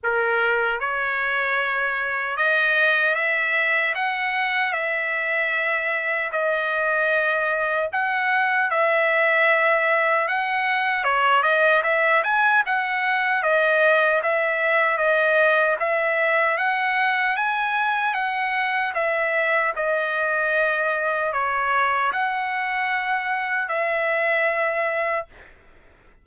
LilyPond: \new Staff \with { instrumentName = "trumpet" } { \time 4/4 \tempo 4 = 76 ais'4 cis''2 dis''4 | e''4 fis''4 e''2 | dis''2 fis''4 e''4~ | e''4 fis''4 cis''8 dis''8 e''8 gis''8 |
fis''4 dis''4 e''4 dis''4 | e''4 fis''4 gis''4 fis''4 | e''4 dis''2 cis''4 | fis''2 e''2 | }